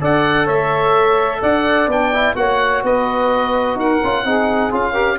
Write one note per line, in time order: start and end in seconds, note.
0.00 0.47 D4
0.00 1.89 A4
0.00 0.44 D5
0.00 0.48 F#5
0.44 1.42 A3
0.44 1.38 C#5
0.44 1.42 E5
1.41 1.87 D4
1.41 2.35 D5
1.41 1.90 F#5
1.87 2.34 B3
1.87 2.13 D4
1.87 2.36 G5
2.13 2.35 E4
2.35 2.83 A#3
2.35 4.00 F#4
2.35 2.83 C#5
2.35 2.83 F#5
2.83 3.76 B3
2.83 3.77 B4
2.83 3.79 D#5
3.76 3.99 D#4
3.76 4.24 A#4
3.76 4.73 F#5
4.03 4.24 C#4
4.03 4.25 F4
4.24 4.71 C4
4.24 4.71 D#4
4.24 4.91 G#4
4.71 5.19 C#4
4.71 4.94 F4
4.71 5.19 F5
4.91 5.18 G4
4.91 5.15 A#4